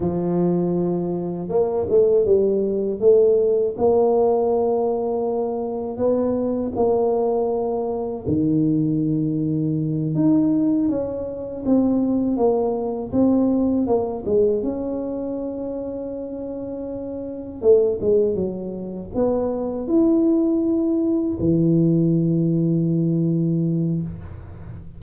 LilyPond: \new Staff \with { instrumentName = "tuba" } { \time 4/4 \tempo 4 = 80 f2 ais8 a8 g4 | a4 ais2. | b4 ais2 dis4~ | dis4. dis'4 cis'4 c'8~ |
c'8 ais4 c'4 ais8 gis8 cis'8~ | cis'2.~ cis'8 a8 | gis8 fis4 b4 e'4.~ | e'8 e2.~ e8 | }